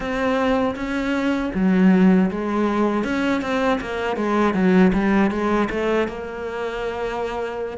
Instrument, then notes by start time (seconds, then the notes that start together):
cello
0.00 C4
0.75 C#4
1.54 F#3
2.31 G#3
3.04 C#4
3.41 C4
3.80 A#3
4.16 G#3
4.54 F#3
4.93 G3
5.30 G#3
5.70 A3
6.08 A#3